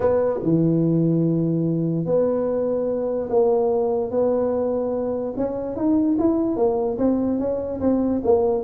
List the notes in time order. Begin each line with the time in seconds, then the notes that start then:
0.00 B3
0.42 E3
2.05 B3
3.29 A#3
4.10 B3
5.36 C#4
5.76 D#4
6.18 E4
6.56 A#3
6.98 C4
7.39 C#4
7.80 C4
8.24 A#3